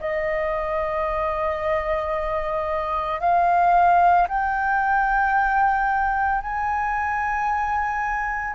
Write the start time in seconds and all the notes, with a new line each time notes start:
0.00 D#5
3.20 F5
4.28 G5
6.41 G#5